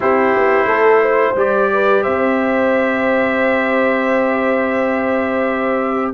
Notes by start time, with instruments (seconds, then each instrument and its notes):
0.00 tuba C4, trombone E4, horn G4, trumpet C5
0.36 tuba B3
0.65 tuba A3, horn A4
1.01 horn C5
1.35 tuba G3, trombone G4, trumpet D5
1.73 horn B4
2.03 tuba C4, horn C5, trumpet E5